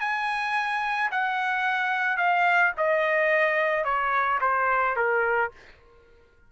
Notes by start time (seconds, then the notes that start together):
0.00 G#5
1.11 F#5
2.17 F5
2.77 D#5
3.84 C#5
4.41 C5
4.96 A#4